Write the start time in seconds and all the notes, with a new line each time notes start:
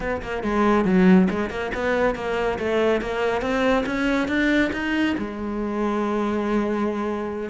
0.00 B3
0.22 A#3
0.43 G#3
0.85 F#3
1.30 G#3
1.50 A#3
1.74 B3
2.15 A#3
2.59 A3
3.01 A#3
3.41 C4
3.86 C#4
4.27 D4
4.73 D#4
5.18 G#3